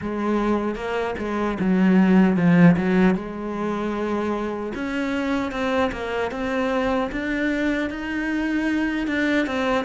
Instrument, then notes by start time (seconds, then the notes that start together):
cello
0.01 G#3
0.75 A#3
1.18 G#3
1.59 F#3
2.36 F3
2.76 F#3
3.14 G#3
4.74 C#4
5.51 C4
5.92 A#3
6.31 C4
7.11 D4
7.89 D#4
9.07 D4
9.46 C4